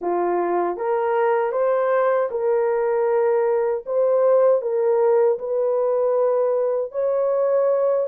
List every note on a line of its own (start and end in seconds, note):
0.01 0.77 F4
0.77 1.52 A#4
1.52 2.29 C5
2.30 3.84 A#4
3.86 4.61 C5
4.61 5.38 A#4
5.38 6.91 B4
6.91 8.07 C#5